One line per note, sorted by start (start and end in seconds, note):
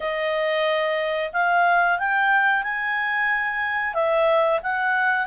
0.00 1.30 D#5
1.32 1.98 F5
1.98 2.63 G5
2.63 3.94 G#5
3.94 4.59 E5
4.62 5.26 F#5